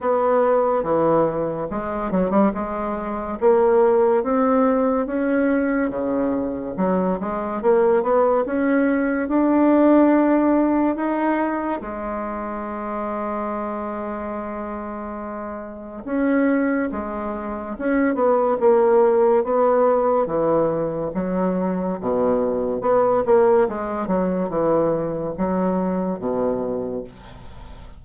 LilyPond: \new Staff \with { instrumentName = "bassoon" } { \time 4/4 \tempo 4 = 71 b4 e4 gis8 fis16 g16 gis4 | ais4 c'4 cis'4 cis4 | fis8 gis8 ais8 b8 cis'4 d'4~ | d'4 dis'4 gis2~ |
gis2. cis'4 | gis4 cis'8 b8 ais4 b4 | e4 fis4 b,4 b8 ais8 | gis8 fis8 e4 fis4 b,4 | }